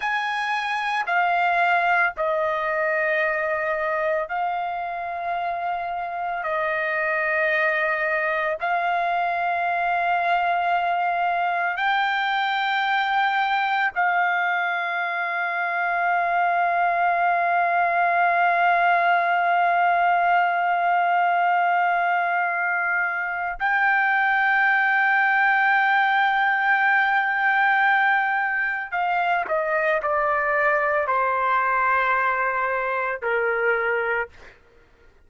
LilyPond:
\new Staff \with { instrumentName = "trumpet" } { \time 4/4 \tempo 4 = 56 gis''4 f''4 dis''2 | f''2 dis''2 | f''2. g''4~ | g''4 f''2.~ |
f''1~ | f''2 g''2~ | g''2. f''8 dis''8 | d''4 c''2 ais'4 | }